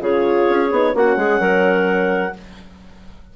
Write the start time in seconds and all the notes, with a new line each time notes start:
0.00 C#3 F4 G#4 C#5
0.49 C#4
0.71 B3 D#4
0.93 A#3 C#4 F#4 F#5
1.16 G#3 G#4
1.40 F#3 A#4